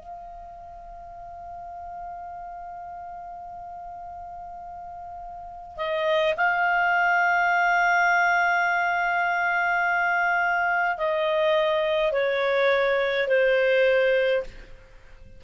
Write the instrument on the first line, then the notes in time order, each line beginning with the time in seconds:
clarinet
0.00 F5
5.77 D#5
6.37 F5
10.98 D#5
12.13 C#5
13.28 C5